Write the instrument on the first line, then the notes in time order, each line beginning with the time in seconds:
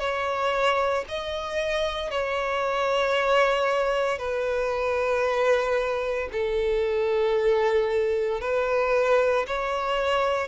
violin
0.00 C#5
1.09 D#5
2.11 C#5
4.19 B4
6.33 A4
8.41 B4
9.47 C#5